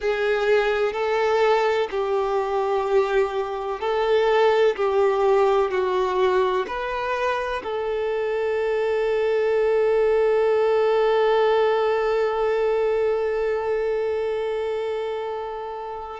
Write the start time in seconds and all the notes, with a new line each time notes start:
0.00 G#4
0.93 A4
1.90 G4
3.80 A4
4.76 G4
5.71 F#4
6.67 B4
7.63 A4